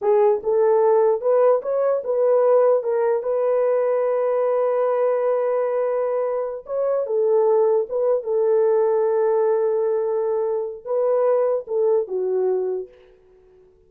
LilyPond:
\new Staff \with { instrumentName = "horn" } { \time 4/4 \tempo 4 = 149 gis'4 a'2 b'4 | cis''4 b'2 ais'4 | b'1~ | b'1~ |
b'8 cis''4 a'2 b'8~ | b'8 a'2.~ a'8~ | a'2. b'4~ | b'4 a'4 fis'2 | }